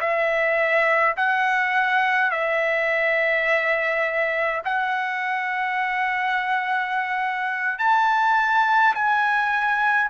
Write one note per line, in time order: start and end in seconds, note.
0.00 1.15 E5
1.16 2.31 F#5
2.31 4.62 E5
4.64 7.78 F#5
7.78 8.94 A5
8.94 10.10 G#5